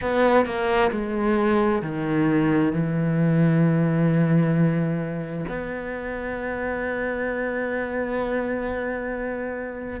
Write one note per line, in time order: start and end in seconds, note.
0.01 0.45 B3
0.45 0.90 A#3
0.91 1.81 G#3
1.81 2.72 D#3
2.72 5.45 E3
5.48 10.00 B3